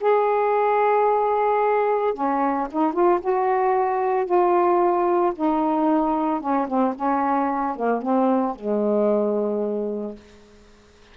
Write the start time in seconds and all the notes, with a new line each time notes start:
0.00 G#4
2.14 C#4
2.71 D#4
2.93 F4
3.21 F#4
4.25 F4
5.35 D#4
6.40 C#4
6.67 C4
6.95 C#4
7.76 A#3
8.02 C4
8.55 G#3